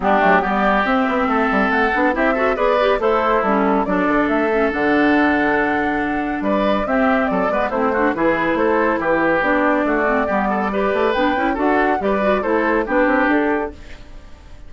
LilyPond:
<<
  \new Staff \with { instrumentName = "flute" } { \time 4/4 \tempo 4 = 140 g'4 d''4 e''2 | fis''4 e''4 d''4 c''4 | a'4 d''4 e''4 fis''4~ | fis''2. d''4 |
e''4 d''4 c''4 b'4 | c''4 b'4 d''2~ | d''2 g''4 fis''4 | d''4 c''4 b'4 a'4 | }
  \new Staff \with { instrumentName = "oboe" } { \time 4/4 d'4 g'2 a'4~ | a'4 g'8 a'8 b'4 e'4~ | e'4 a'2.~ | a'2. b'4 |
g'4 a'8 b'8 e'8 fis'8 gis'4 | a'4 g'2 fis'4 | g'8 a'8 b'2 a'4 | b'4 a'4 g'2 | }
  \new Staff \with { instrumentName = "clarinet" } { \time 4/4 b8 a8 b4 c'2~ | c'8 d'8 e'8 fis'8 gis'8 g'8 a'4 | cis'4 d'4. cis'8 d'4~ | d'1 |
c'4. b8 c'8 d'8 e'4~ | e'2 d'4. c'8 | b4 g'4 d'8 e'8 fis'4 | g'8 fis'8 e'4 d'2 | }
  \new Staff \with { instrumentName = "bassoon" } { \time 4/4 g8 fis8 g4 c'8 b8 a8 g8 | a8 b8 c'4 b4 a4 | g4 fis8 d8 a4 d4~ | d2. g4 |
c'4 fis8 gis8 a4 e4 | a4 e4 b4 a4 | g4. a8 b8 cis'8 d'4 | g4 a4 b8 c'8 d'4 | }
>>